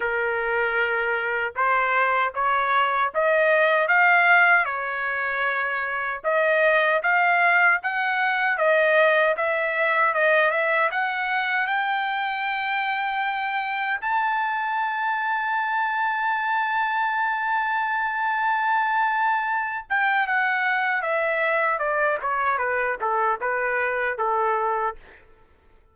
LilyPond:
\new Staff \with { instrumentName = "trumpet" } { \time 4/4 \tempo 4 = 77 ais'2 c''4 cis''4 | dis''4 f''4 cis''2 | dis''4 f''4 fis''4 dis''4 | e''4 dis''8 e''8 fis''4 g''4~ |
g''2 a''2~ | a''1~ | a''4. g''8 fis''4 e''4 | d''8 cis''8 b'8 a'8 b'4 a'4 | }